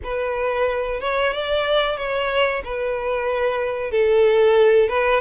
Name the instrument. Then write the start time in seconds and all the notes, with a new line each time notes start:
violin
0.03 B4
1.00 C#5
1.33 D5
1.97 C#5
2.64 B4
3.91 A4
4.89 B4